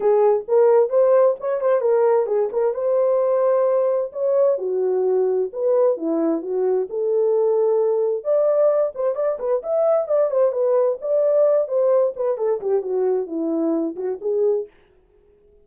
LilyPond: \new Staff \with { instrumentName = "horn" } { \time 4/4 \tempo 4 = 131 gis'4 ais'4 c''4 cis''8 c''8 | ais'4 gis'8 ais'8 c''2~ | c''4 cis''4 fis'2 | b'4 e'4 fis'4 a'4~ |
a'2 d''4. c''8 | d''8 b'8 e''4 d''8 c''8 b'4 | d''4. c''4 b'8 a'8 g'8 | fis'4 e'4. fis'8 gis'4 | }